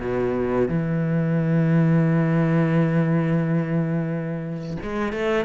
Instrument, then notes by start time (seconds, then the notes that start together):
cello
0.00 B2
0.68 E3
4.83 G#3
5.12 A3